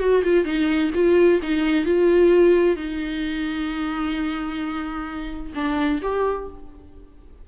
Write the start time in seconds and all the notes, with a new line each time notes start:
0.00 F#4
0.24 F4
0.45 D#4
0.95 F4
1.43 D#4
1.85 F4
2.76 D#4
5.55 D4
6.02 G4